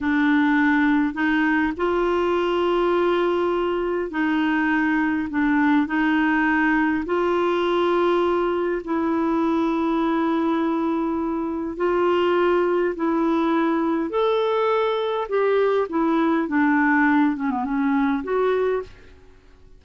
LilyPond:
\new Staff \with { instrumentName = "clarinet" } { \time 4/4 \tempo 4 = 102 d'2 dis'4 f'4~ | f'2. dis'4~ | dis'4 d'4 dis'2 | f'2. e'4~ |
e'1 | f'2 e'2 | a'2 g'4 e'4 | d'4. cis'16 b16 cis'4 fis'4 | }